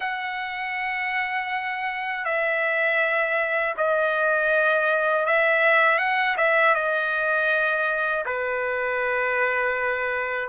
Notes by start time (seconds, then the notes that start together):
0.00 F#5
2.25 E5
3.77 D#5
5.25 E5
5.98 F#5
6.37 E5
6.75 D#5
8.25 B4